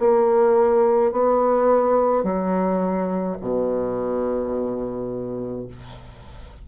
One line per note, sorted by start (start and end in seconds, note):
0.00 1.12 A#3
1.12 2.24 B3
2.24 3.37 F#3
3.42 5.68 B2